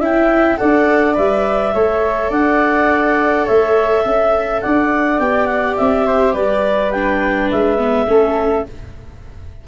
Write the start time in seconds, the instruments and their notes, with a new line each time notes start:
0.00 tuba C#4, viola E4, flute E5, clarinet G5
0.57 tuba D4, viola A4, flute D5, clarinet F#5
1.15 tuba G3, viola B4, clarinet E5
1.74 tuba A3, viola A4, flute C#5
2.29 tuba D4, flute D5, clarinet F#5
3.45 tuba A3, flute C#5, clarinet E5
4.03 tuba C#4, flute E5
4.61 tuba D4, flute D5, clarinet F#5
5.19 tuba B3, viola G4, clarinet G5
5.46 clarinet F#5
5.77 tuba C4, clarinet E5
6.06 flute C5
6.33 tuba G3, flute B4, clarinet D5
6.91 viola D4, clarinet G5
7.51 tuba G#3, clarinet E5
7.78 viola B3
8.07 tuba A3, viola C#4, flute A4